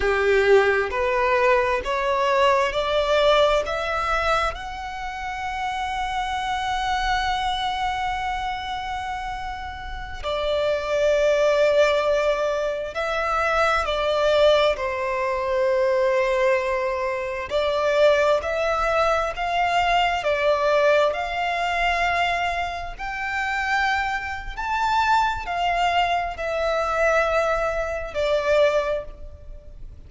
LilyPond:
\new Staff \with { instrumentName = "violin" } { \time 4/4 \tempo 4 = 66 g'4 b'4 cis''4 d''4 | e''4 fis''2.~ | fis''2.~ fis''16 d''8.~ | d''2~ d''16 e''4 d''8.~ |
d''16 c''2. d''8.~ | d''16 e''4 f''4 d''4 f''8.~ | f''4~ f''16 g''4.~ g''16 a''4 | f''4 e''2 d''4 | }